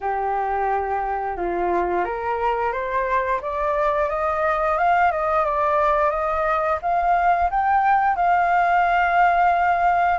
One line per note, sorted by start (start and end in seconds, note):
0.00 1.36 G4
1.36 2.05 F4
2.05 2.72 A#4
2.72 3.40 C5
3.41 4.09 D5
4.09 4.77 D#5
4.77 5.11 F5
5.11 5.45 D#5
5.45 6.10 D5
6.10 6.78 D#5
6.82 7.50 F5
7.50 8.15 G5
8.15 10.18 F5